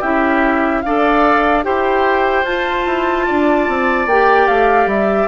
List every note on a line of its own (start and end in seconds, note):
0.00 0.83 C#4
0.00 0.84 E4
0.00 0.81 G4
0.00 0.82 E5
0.82 1.66 D4
0.82 1.64 A4
0.82 1.65 D5
0.82 1.63 F5
1.64 2.44 E4
1.64 2.45 G4
1.64 3.27 C5
1.64 2.45 G5
2.44 2.84 F4
2.44 4.09 F4
2.44 4.07 A5
2.86 3.27 E4
3.27 3.68 D4
3.27 5.29 D5
3.68 4.07 C4
4.07 4.47 A#3
4.07 5.29 G4
4.07 4.48 G5
4.48 4.86 A3
4.48 4.89 F5
4.86 5.27 G3
4.86 5.29 E5